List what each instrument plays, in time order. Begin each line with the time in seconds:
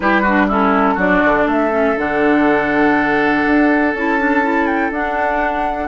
0.00 bassoon G3, clarinet E4, oboe G4, flute B4
0.21 oboe F#4
0.27 clarinet D4
0.48 clarinet C#4, oboe E4, flute A4
0.94 bassoon F#3, clarinet D4, oboe F#4, flute D5
1.24 bassoon D3
1.46 bassoon A3, oboe A4, flute E5
1.71 clarinet C#4
1.96 bassoon D3, clarinet D4, flute F#5
3.45 bassoon D4
3.93 bassoon C#4, clarinet E4, flute A5
4.18 clarinet D4
4.43 clarinet E4
4.66 flute G5
4.90 bassoon D4, clarinet D4, flute F#5